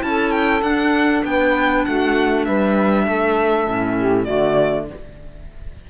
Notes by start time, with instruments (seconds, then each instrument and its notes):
0.00 cello C#4, clarinet E4, violin A5
0.07 saxophone A4
0.31 violin G5
0.62 cello D4, clarinet D4, violin F#5
1.25 cello B3, saxophone B4, violin G5
1.85 cello A3, saxophone F#4, violin F#5
2.45 cello G3, saxophone B4, violin E5
3.04 cello A3, saxophone A4
3.66 cello A2, clarinet C#4
3.98 saxophone G4
4.25 cello D3, clarinet A3, saxophone F#4, violin D5